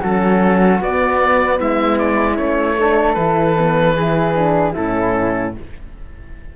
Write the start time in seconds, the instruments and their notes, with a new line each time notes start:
0.00 cello F#3, horn C#4, flute F#4, oboe A4
0.80 cello B3, horn B3, oboe D5
1.59 cello G#3, flute E4, oboe E5
1.98 oboe D5
2.35 cello A3, horn C#4, oboe C#5
2.78 horn D4, flute A4
3.13 cello E3, horn E4, oboe B4
3.57 horn B3
3.95 horn E4, flute G#4
4.35 horn D4
4.73 cello A2, horn C#4, flute E4, oboe A4